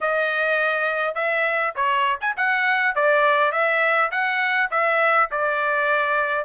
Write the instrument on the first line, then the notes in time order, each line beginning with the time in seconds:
trumpet
0.01 D#5
1.14 E5
1.75 C#5
2.21 G#5
2.36 F#5
2.95 D5
3.52 E5
4.11 F#5
4.70 E5
5.31 D5